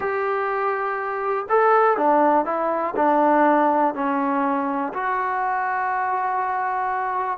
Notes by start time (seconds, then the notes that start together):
0.00 G4
1.49 A4
1.97 D4
2.45 E4
2.96 D4
3.94 C#4
4.93 F#4